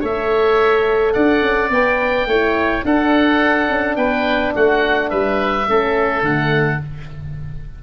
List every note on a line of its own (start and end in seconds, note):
0.00 1.15 A3
0.00 1.71 A4
0.00 1.13 C#5
0.00 1.12 E5
1.12 1.42 D4
1.12 2.27 D5
1.12 1.69 F#5
1.42 1.69 C#4
1.69 2.26 B3
1.69 2.28 B4
1.69 2.85 G5
2.26 2.82 A3
2.26 2.82 E4
2.26 2.85 C#5
2.82 5.65 D4
2.82 3.69 D4
2.82 3.97 A4
2.82 3.96 F#5
3.69 3.96 C#4
3.96 4.53 B3
3.96 4.54 B4
3.96 4.52 G5
4.54 5.12 A3
4.54 5.10 F#4
4.54 5.09 F#5
5.09 5.68 G3
5.09 5.66 B4
5.09 6.23 E5
5.67 6.21 A3
5.67 6.23 C#4
5.67 6.83 A4
6.21 6.78 D3
6.21 6.80 A3
6.21 6.81 F#5